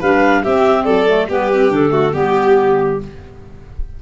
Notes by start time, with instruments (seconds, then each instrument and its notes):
0.00 tuba G3, clarinet D4 F5, violin B4
0.43 clarinet C4 E5, tuba C4, violin G4
0.84 tuba F#3, violin A4, clarinet D5
1.07 clarinet A3
1.29 tuba G3, clarinet B3 B4, violin G4
1.53 clarinet C4
1.69 tuba D3, clarinet D4 A4
1.89 clarinet A3, violin F#4
2.13 tuba G3, clarinet B3 G4, violin G4